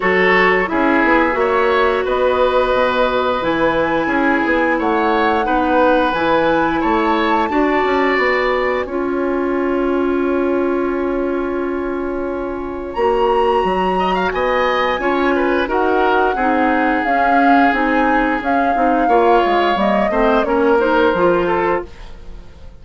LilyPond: <<
  \new Staff \with { instrumentName = "flute" } { \time 4/4 \tempo 4 = 88 cis''4 e''2 dis''4~ | dis''4 gis''2 fis''4~ | fis''4 gis''4 a''2 | gis''1~ |
gis''2. ais''4~ | ais''4 gis''2 fis''4~ | fis''4 f''4 gis''4 f''4~ | f''4 dis''4 cis''8 c''4. | }
  \new Staff \with { instrumentName = "oboe" } { \time 4/4 a'4 gis'4 cis''4 b'4~ | b'2 gis'4 cis''4 | b'2 cis''4 d''4~ | d''4 cis''2.~ |
cis''1~ | cis''8 dis''16 f''16 dis''4 cis''8 b'8 ais'4 | gis'1 | cis''4. c''8 ais'4. a'8 | }
  \new Staff \with { instrumentName = "clarinet" } { \time 4/4 fis'4 e'4 fis'2~ | fis'4 e'2. | dis'4 e'2 fis'4~ | fis'4 f'2.~ |
f'2. fis'4~ | fis'2 f'4 fis'4 | dis'4 cis'4 dis'4 cis'8 dis'8 | f'4 ais8 c'8 cis'8 dis'8 f'4 | }
  \new Staff \with { instrumentName = "bassoon" } { \time 4/4 fis4 cis'8 b8 ais4 b4 | b,4 e4 cis'8 b8 a4 | b4 e4 a4 d'8 cis'8 | b4 cis'2.~ |
cis'2. ais4 | fis4 b4 cis'4 dis'4 | c'4 cis'4 c'4 cis'8 c'8 | ais8 gis8 g8 a8 ais4 f4 | }
>>